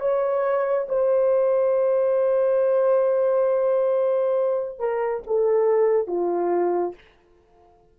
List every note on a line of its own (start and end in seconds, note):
0.00 0.87 C#5
0.89 4.79 C5
4.79 5.23 A#4
5.26 6.07 A4
6.07 6.94 F4